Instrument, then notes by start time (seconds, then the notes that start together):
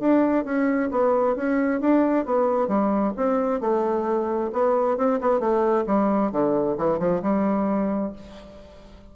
bassoon
0.00 D4
0.45 C#4
0.91 B3
1.36 C#4
1.80 D4
2.25 B3
2.68 G3
3.17 C4
3.61 A3
4.53 B3
4.97 C4
5.21 B3
5.40 A3
5.87 G3
6.32 D3
6.78 E3
6.99 F3
7.22 G3